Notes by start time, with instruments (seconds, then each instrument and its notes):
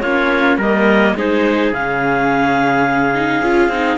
0.00 cello A#3, viola C#4, trumpet F4, clarinet C#5
0.57 cello G3, viola A#3, trumpet A#4, clarinet D#5
1.15 cello G#3, viola D#4, trumpet G#4, clarinet C5
1.73 cello C#3, viola C#4, clarinet F5
3.14 viola D#4
3.42 cello C#4, viola F4
3.68 cello C4, viola D#4